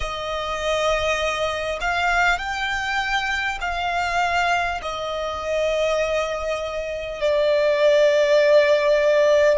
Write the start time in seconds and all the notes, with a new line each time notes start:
0.00 D#5
1.80 F5
2.38 G5
3.61 F5
4.82 D#5
7.20 D5